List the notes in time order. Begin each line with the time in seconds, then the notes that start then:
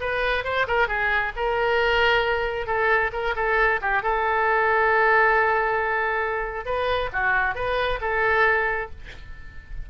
0.00 B4
0.44 C5
0.67 A#4
0.88 G#4
1.36 A#4
2.66 A4
3.12 A#4
3.36 A4
3.81 G4
4.03 A4
6.65 B4
7.13 F#4
7.55 B4
8.01 A4